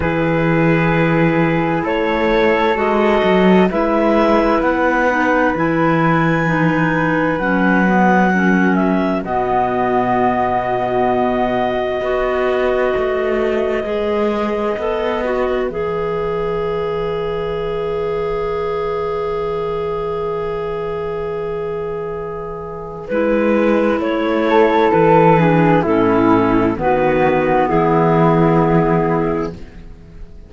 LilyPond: <<
  \new Staff \with { instrumentName = "clarinet" } { \time 4/4 \tempo 4 = 65 b'2 cis''4 dis''4 | e''4 fis''4 gis''2 | fis''4. e''8 dis''2~ | dis''1~ |
dis''4 e''2.~ | e''1~ | e''4 b'4 cis''4 b'4 | a'4 b'4 gis'2 | }
  \new Staff \with { instrumentName = "flute" } { \time 4/4 gis'2 a'2 | b'1~ | b'4 ais'4 fis'2~ | fis'4 b'2.~ |
b'1~ | b'1~ | b'2~ b'8 a'4 gis'8 | e'4 fis'4 e'2 | }
  \new Staff \with { instrumentName = "clarinet" } { \time 4/4 e'2. fis'4 | e'4. dis'8 e'4 dis'4 | cis'8 b8 cis'4 b2~ | b4 fis'2 gis'4 |
a'8 fis'8 gis'2.~ | gis'1~ | gis'4 e'2~ e'8 d'8 | cis'4 b2. | }
  \new Staff \with { instrumentName = "cello" } { \time 4/4 e2 a4 gis8 fis8 | gis4 b4 e2 | fis2 b,2~ | b,4 b4 a4 gis4 |
b4 e2.~ | e1~ | e4 gis4 a4 e4 | a,4 dis4 e2 | }
>>